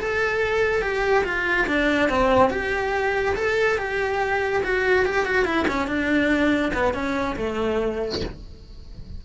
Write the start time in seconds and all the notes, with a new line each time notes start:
0.00 A4
0.82 G4
1.25 F4
1.67 D4
2.10 C4
2.51 G4
3.36 A4
3.78 G4
4.64 F#4
5.06 G4
5.26 F#4
5.45 E4
5.68 C#4
5.88 D4
6.74 B3
6.94 C#4
7.37 A3